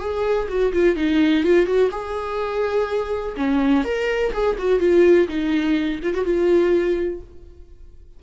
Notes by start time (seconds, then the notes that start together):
0.00 G#4
0.48 F#4
0.73 F4
0.96 D#4
1.44 F4
1.66 F#4
1.91 G#4
3.36 C#4
3.84 A#4
4.32 G#4
4.58 F#4
4.80 F4
5.28 D#4
6.03 F4
6.14 F#4
6.24 F4